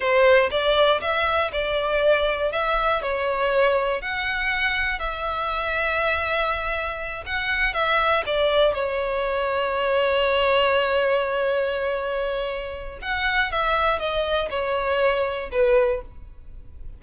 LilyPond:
\new Staff \with { instrumentName = "violin" } { \time 4/4 \tempo 4 = 120 c''4 d''4 e''4 d''4~ | d''4 e''4 cis''2 | fis''2 e''2~ | e''2~ e''8 fis''4 e''8~ |
e''8 d''4 cis''2~ cis''8~ | cis''1~ | cis''2 fis''4 e''4 | dis''4 cis''2 b'4 | }